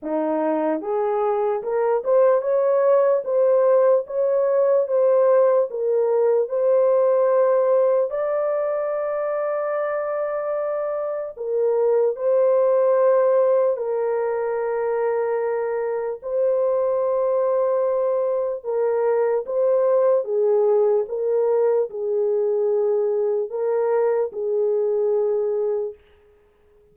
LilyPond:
\new Staff \with { instrumentName = "horn" } { \time 4/4 \tempo 4 = 74 dis'4 gis'4 ais'8 c''8 cis''4 | c''4 cis''4 c''4 ais'4 | c''2 d''2~ | d''2 ais'4 c''4~ |
c''4 ais'2. | c''2. ais'4 | c''4 gis'4 ais'4 gis'4~ | gis'4 ais'4 gis'2 | }